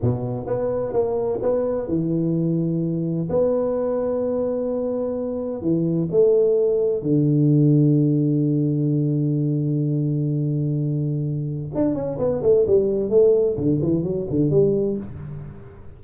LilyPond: \new Staff \with { instrumentName = "tuba" } { \time 4/4 \tempo 4 = 128 b,4 b4 ais4 b4 | e2. b4~ | b1 | e4 a2 d4~ |
d1~ | d1~ | d4 d'8 cis'8 b8 a8 g4 | a4 d8 e8 fis8 d8 g4 | }